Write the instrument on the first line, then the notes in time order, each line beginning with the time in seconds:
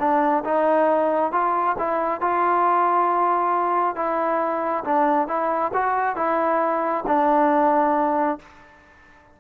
trombone
0.00 D4
0.45 D#4
1.32 F4
1.79 E4
2.21 F4
3.96 E4
4.84 D4
5.28 E4
5.74 F#4
6.16 E4
7.07 D4